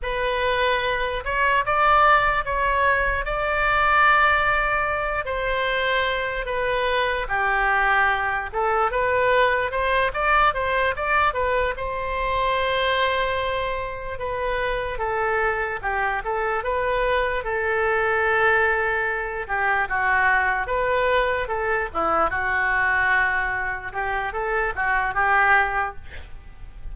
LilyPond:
\new Staff \with { instrumentName = "oboe" } { \time 4/4 \tempo 4 = 74 b'4. cis''8 d''4 cis''4 | d''2~ d''8 c''4. | b'4 g'4. a'8 b'4 | c''8 d''8 c''8 d''8 b'8 c''4.~ |
c''4. b'4 a'4 g'8 | a'8 b'4 a'2~ a'8 | g'8 fis'4 b'4 a'8 e'8 fis'8~ | fis'4. g'8 a'8 fis'8 g'4 | }